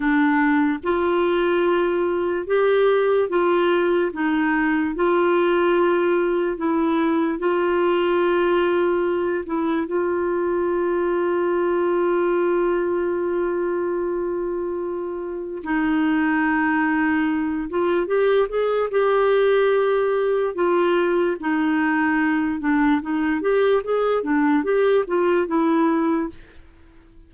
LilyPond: \new Staff \with { instrumentName = "clarinet" } { \time 4/4 \tempo 4 = 73 d'4 f'2 g'4 | f'4 dis'4 f'2 | e'4 f'2~ f'8 e'8 | f'1~ |
f'2. dis'4~ | dis'4. f'8 g'8 gis'8 g'4~ | g'4 f'4 dis'4. d'8 | dis'8 g'8 gis'8 d'8 g'8 f'8 e'4 | }